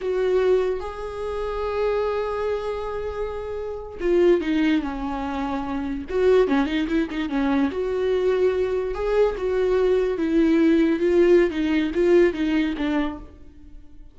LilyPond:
\new Staff \with { instrumentName = "viola" } { \time 4/4 \tempo 4 = 146 fis'2 gis'2~ | gis'1~ | gis'4.~ gis'16 f'4 dis'4 cis'16~ | cis'2~ cis'8. fis'4 cis'16~ |
cis'16 dis'8 e'8 dis'8 cis'4 fis'4~ fis'16~ | fis'4.~ fis'16 gis'4 fis'4~ fis'16~ | fis'8. e'2 f'4~ f'16 | dis'4 f'4 dis'4 d'4 | }